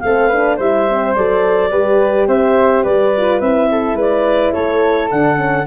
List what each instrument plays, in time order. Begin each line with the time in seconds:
0.00 tuba A3, horn C4, flute A4, clarinet F5
0.27 horn D4, flute B4
0.56 tuba G3, horn E4, flute C5, clarinet E5
0.89 horn C4
1.15 tuba F#3, horn A4, clarinet D5
1.70 tuba G3, horn G4, flute B4
2.27 tuba C4, flute C5, clarinet E5
2.83 tuba G3, flute B4, clarinet D5
3.17 horn F4
3.40 tuba C4, horn E4, clarinet E5
3.71 flute A4
3.94 tuba G#3, flute B4
4.00 clarinet D5
4.52 tuba A3, flute A4, clarinet C#5
5.10 tuba D3, horn D4, clarinet F#5
5.36 horn C#4